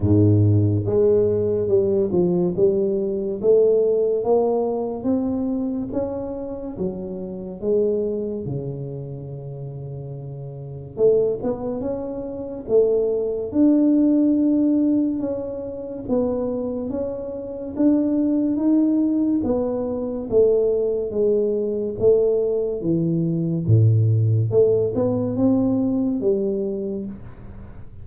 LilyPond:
\new Staff \with { instrumentName = "tuba" } { \time 4/4 \tempo 4 = 71 gis,4 gis4 g8 f8 g4 | a4 ais4 c'4 cis'4 | fis4 gis4 cis2~ | cis4 a8 b8 cis'4 a4 |
d'2 cis'4 b4 | cis'4 d'4 dis'4 b4 | a4 gis4 a4 e4 | a,4 a8 b8 c'4 g4 | }